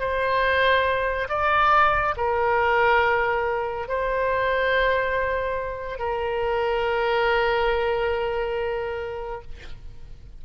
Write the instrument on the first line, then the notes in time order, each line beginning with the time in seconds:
oboe
0.00 C5
1.29 D5
2.17 A#4
3.88 C5
5.99 A#4